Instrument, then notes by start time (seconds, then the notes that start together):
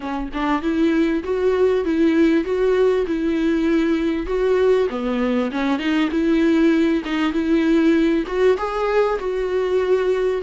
viola
0.00 C#4
0.33 D4
0.62 E4
1.23 F#4
1.85 E4
2.44 F#4
3.06 E4
4.26 F#4
4.89 B3
5.51 C#4
5.78 D#4
6.11 E4
7.05 D#4
7.32 E4
8.26 F#4
8.57 G#4
9.19 F#4